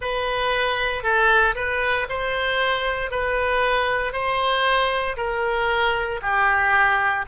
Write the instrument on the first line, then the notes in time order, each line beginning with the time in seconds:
oboe
0.01 B4
1.03 A4
1.55 B4
2.09 C5
3.10 B4
4.12 C5
5.16 A#4
6.22 G4